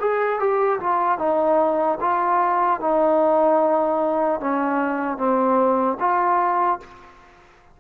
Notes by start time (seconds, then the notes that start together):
0.00 G#4
0.39 G4
0.80 F4
1.18 D#4
2.00 F4
2.80 D#4
4.40 C#4
5.17 C4
6.00 F4